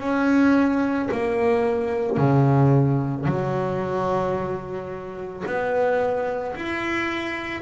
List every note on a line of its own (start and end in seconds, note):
0.00 1.09 C#4
1.12 2.17 A#3
2.17 3.26 C#3
3.26 5.44 F#3
5.46 6.56 B3
6.56 7.62 E4